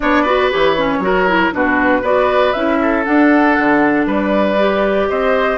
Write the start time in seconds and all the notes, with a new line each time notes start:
0.00 B3 D4 C#5 D5
0.22 F#4 B4
0.51 E3 G4 C#5
0.77 C#4
0.98 F#3 F#4 A#4
1.28 E4
1.52 B2 D4 F#4 B4
2.01 B3 F#4 B4 D5
2.52 C#4 E4 E5
2.81 A4
3.04 D4 F#5
3.58 D3
4.06 G3 B4 D5
4.59 G4
5.09 C4 C5 D#5